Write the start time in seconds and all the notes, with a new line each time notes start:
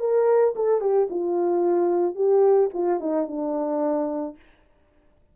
0.00 A#4
0.56 A4
0.81 G4
1.10 F4
2.15 G4
2.74 F4
3.00 D#4
3.27 D4